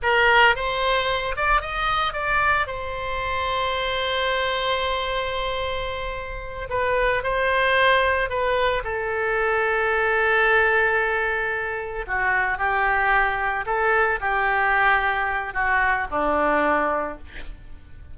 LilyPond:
\new Staff \with { instrumentName = "oboe" } { \time 4/4 \tempo 4 = 112 ais'4 c''4. d''8 dis''4 | d''4 c''2.~ | c''1~ | c''8 b'4 c''2 b'8~ |
b'8 a'2.~ a'8~ | a'2~ a'8 fis'4 g'8~ | g'4. a'4 g'4.~ | g'4 fis'4 d'2 | }